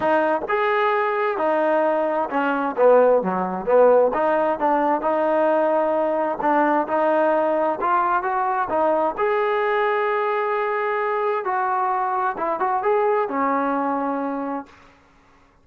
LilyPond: \new Staff \with { instrumentName = "trombone" } { \time 4/4 \tempo 4 = 131 dis'4 gis'2 dis'4~ | dis'4 cis'4 b4 fis4 | b4 dis'4 d'4 dis'4~ | dis'2 d'4 dis'4~ |
dis'4 f'4 fis'4 dis'4 | gis'1~ | gis'4 fis'2 e'8 fis'8 | gis'4 cis'2. | }